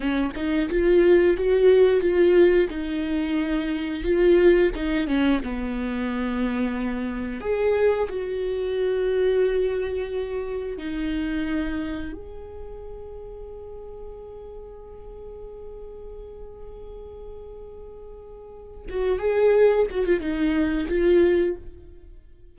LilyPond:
\new Staff \with { instrumentName = "viola" } { \time 4/4 \tempo 4 = 89 cis'8 dis'8 f'4 fis'4 f'4 | dis'2 f'4 dis'8 cis'8 | b2. gis'4 | fis'1 |
dis'2 gis'2~ | gis'1~ | gis'1 | fis'8 gis'4 fis'16 f'16 dis'4 f'4 | }